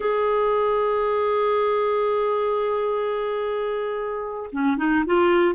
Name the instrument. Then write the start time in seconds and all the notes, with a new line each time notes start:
clarinet
0.00 G#4
4.52 C#4
4.77 D#4
5.06 F4